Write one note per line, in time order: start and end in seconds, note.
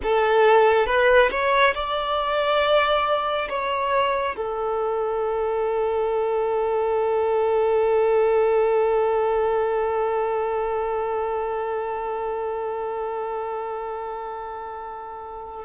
0.02 0.86 A4
0.86 1.29 B4
1.30 1.74 C#5
1.74 3.48 D5
3.49 4.36 C#5
4.36 15.64 A4